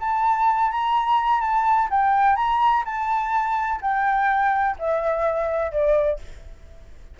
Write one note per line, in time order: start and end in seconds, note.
0.00 0.71 A5
0.71 1.41 A#5
1.41 1.89 A5
1.90 2.36 G5
2.36 2.84 A#5
2.85 3.80 A5
3.81 4.77 G5
4.79 5.72 E5
5.72 6.19 D5